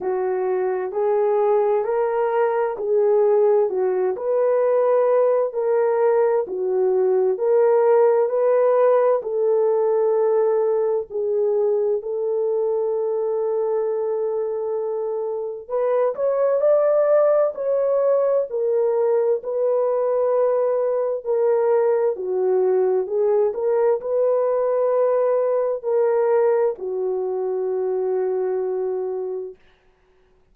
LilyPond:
\new Staff \with { instrumentName = "horn" } { \time 4/4 \tempo 4 = 65 fis'4 gis'4 ais'4 gis'4 | fis'8 b'4. ais'4 fis'4 | ais'4 b'4 a'2 | gis'4 a'2.~ |
a'4 b'8 cis''8 d''4 cis''4 | ais'4 b'2 ais'4 | fis'4 gis'8 ais'8 b'2 | ais'4 fis'2. | }